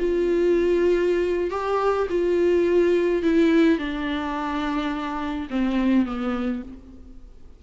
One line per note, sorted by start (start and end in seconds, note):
0.00 1.51 F4
1.51 2.08 G4
2.10 3.23 F4
3.23 3.79 E4
3.79 5.49 D4
5.51 6.06 C4
6.06 6.63 B3